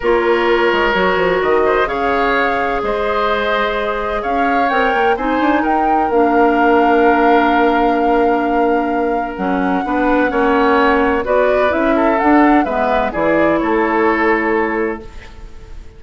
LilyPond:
<<
  \new Staff \with { instrumentName = "flute" } { \time 4/4 \tempo 4 = 128 cis''2. dis''4 | f''2 dis''2~ | dis''4 f''4 g''4 gis''4 | g''4 f''2.~ |
f''1 | fis''1 | d''4 e''4 fis''4 e''4 | d''4 cis''2. | }
  \new Staff \with { instrumentName = "oboe" } { \time 4/4 ais'2.~ ais'8 c''8 | cis''2 c''2~ | c''4 cis''2 c''4 | ais'1~ |
ais'1~ | ais'4 b'4 cis''2 | b'4. a'4. b'4 | gis'4 a'2. | }
  \new Staff \with { instrumentName = "clarinet" } { \time 4/4 f'2 fis'2 | gis'1~ | gis'2 ais'4 dis'4~ | dis'4 d'2.~ |
d'1 | cis'4 d'4 cis'2 | fis'4 e'4 d'4 b4 | e'1 | }
  \new Staff \with { instrumentName = "bassoon" } { \time 4/4 ais4. gis8 fis8 f8 dis4 | cis2 gis2~ | gis4 cis'4 c'8 ais8 c'8 d'8 | dis'4 ais2.~ |
ais1 | fis4 b4 ais2 | b4 cis'4 d'4 gis4 | e4 a2. | }
>>